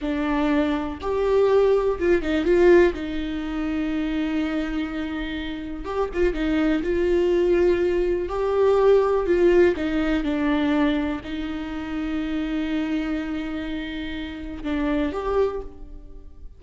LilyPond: \new Staff \with { instrumentName = "viola" } { \time 4/4 \tempo 4 = 123 d'2 g'2 | f'8 dis'8 f'4 dis'2~ | dis'1 | g'8 f'8 dis'4 f'2~ |
f'4 g'2 f'4 | dis'4 d'2 dis'4~ | dis'1~ | dis'2 d'4 g'4 | }